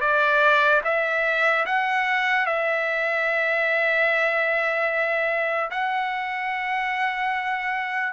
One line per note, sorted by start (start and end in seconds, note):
0.00 0.81 D5
0.84 1.65 E5
1.65 2.46 F#5
2.46 5.70 E5
5.70 8.13 F#5